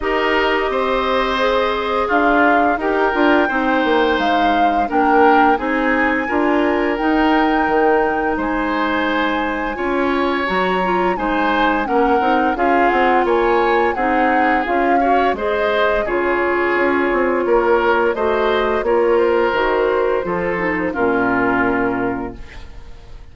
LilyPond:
<<
  \new Staff \with { instrumentName = "flute" } { \time 4/4 \tempo 4 = 86 dis''2. f''4 | g''2 f''4 g''4 | gis''2 g''2 | gis''2. ais''4 |
gis''4 fis''4 f''8 fis''8 gis''4 | fis''4 f''4 dis''4 cis''4~ | cis''2 dis''4 cis''8 c''8~ | c''2 ais'2 | }
  \new Staff \with { instrumentName = "oboe" } { \time 4/4 ais'4 c''2 f'4 | ais'4 c''2 ais'4 | gis'4 ais'2. | c''2 cis''2 |
c''4 ais'4 gis'4 cis''4 | gis'4. cis''8 c''4 gis'4~ | gis'4 ais'4 c''4 ais'4~ | ais'4 a'4 f'2 | }
  \new Staff \with { instrumentName = "clarinet" } { \time 4/4 g'2 gis'2 | g'8 f'8 dis'2 d'4 | dis'4 f'4 dis'2~ | dis'2 f'4 fis'8 f'8 |
dis'4 cis'8 dis'8 f'2 | dis'4 f'8 fis'8 gis'4 f'4~ | f'2 fis'4 f'4 | fis'4 f'8 dis'8 cis'2 | }
  \new Staff \with { instrumentName = "bassoon" } { \time 4/4 dis'4 c'2 d'4 | dis'8 d'8 c'8 ais8 gis4 ais4 | c'4 d'4 dis'4 dis4 | gis2 cis'4 fis4 |
gis4 ais8 c'8 cis'8 c'8 ais4 | c'4 cis'4 gis4 cis4 | cis'8 c'8 ais4 a4 ais4 | dis4 f4 ais,2 | }
>>